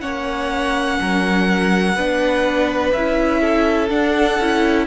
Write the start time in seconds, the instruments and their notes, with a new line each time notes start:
0.00 cello A#3, viola C#4, violin C#5 F#5
1.00 cello F#3, violin A#4
1.96 cello B3, viola D4, violin B4
2.93 cello C#4, viola E4, violin E5
3.41 violin A4
3.89 viola D4, cello D4, violin F#5
4.39 cello C#4, viola E4